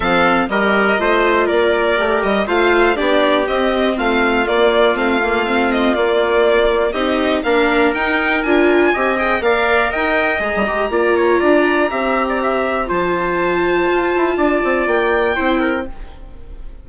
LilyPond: <<
  \new Staff \with { instrumentName = "violin" } { \time 4/4 \tempo 4 = 121 f''4 dis''2 d''4~ | d''8 dis''8 f''4 d''4 dis''4 | f''4 d''4 f''4. dis''8 | d''2 dis''4 f''4 |
g''4 gis''4. g''8 f''4 | g''4 ais''2.~ | ais''2 a''2~ | a''2 g''2 | }
  \new Staff \with { instrumentName = "trumpet" } { \time 4/4 a'4 ais'4 c''4 ais'4~ | ais'4 c''4 g'2 | f'1~ | f'2 g'4 ais'4~ |
ais'2 dis''4 d''4 | dis''2 d''8 cis''8 d''4 | e''8. d''16 e''4 c''2~ | c''4 d''2 c''8 ais'8 | }
  \new Staff \with { instrumentName = "viola" } { \time 4/4 c'4 g'4 f'2 | g'4 f'4 d'4 c'4~ | c'4 ais4 c'8 ais8 c'4 | ais2 dis'4 d'4 |
dis'4 f'4 g'8 gis'8 ais'4~ | ais'4 gis'8 g'8 f'2 | g'2 f'2~ | f'2. e'4 | }
  \new Staff \with { instrumentName = "bassoon" } { \time 4/4 f4 g4 a4 ais4 | a8 g8 a4 b4 c'4 | a4 ais4 a2 | ais2 c'4 ais4 |
dis'4 d'4 c'4 ais4 | dis'4 gis16 g16 gis8 ais4 d'4 | c'2 f2 | f'8 e'8 d'8 c'8 ais4 c'4 | }
>>